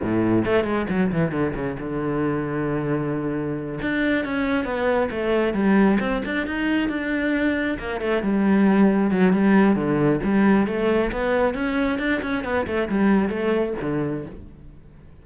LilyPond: \new Staff \with { instrumentName = "cello" } { \time 4/4 \tempo 4 = 135 a,4 a8 gis8 fis8 e8 d8 cis8 | d1~ | d8 d'4 cis'4 b4 a8~ | a8 g4 c'8 d'8 dis'4 d'8~ |
d'4. ais8 a8 g4.~ | g8 fis8 g4 d4 g4 | a4 b4 cis'4 d'8 cis'8 | b8 a8 g4 a4 d4 | }